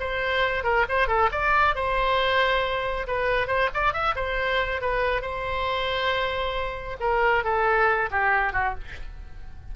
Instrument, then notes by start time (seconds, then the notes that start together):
oboe
0.00 C5
0.64 A#4
0.89 C5
1.08 A4
1.31 D5
1.75 C5
3.07 B4
3.47 C5
3.74 D5
3.93 E5
4.16 C5
4.81 B4
5.22 C5
7.00 A#4
7.44 A4
8.11 G4
8.53 F#4